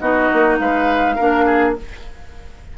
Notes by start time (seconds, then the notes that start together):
0.00 B3 D#4 F#4 D#5
0.33 A#3
0.59 G#3 B4 F5
1.16 A#3 D4 A#4
1.46 G#4